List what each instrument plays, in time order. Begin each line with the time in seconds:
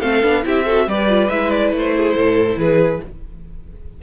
0.00 cello A3, viola C4, violin A4 F5
0.23 cello B3, viola D4
0.43 cello C4, viola E4, violin G4 E5
0.66 viola F#4, violin A4
0.87 cello G3, viola G4, violin B4 D5
1.09 viola F4
1.29 cello G#3, viola E4, violin E5
1.51 violin D5
1.72 cello A3, violin C5
1.97 violin G#4
2.16 cello A2, violin A4
2.57 cello E3, violin G#4 B4